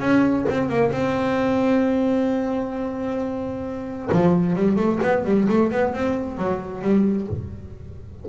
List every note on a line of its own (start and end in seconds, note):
0.00 0.45 C#4
0.49 0.69 C4
0.69 0.91 A#3
0.91 4.09 C4
4.12 4.55 F3
4.55 4.77 G3
4.77 4.99 A3
5.02 5.25 B3
5.25 5.47 G3
5.49 5.71 A3
5.71 5.94 B3
5.94 6.38 C4
6.38 6.82 F#3
6.82 7.27 G3